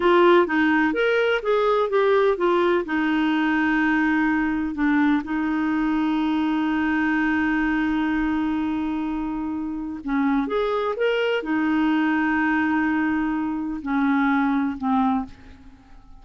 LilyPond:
\new Staff \with { instrumentName = "clarinet" } { \time 4/4 \tempo 4 = 126 f'4 dis'4 ais'4 gis'4 | g'4 f'4 dis'2~ | dis'2 d'4 dis'4~ | dis'1~ |
dis'1~ | dis'4 cis'4 gis'4 ais'4 | dis'1~ | dis'4 cis'2 c'4 | }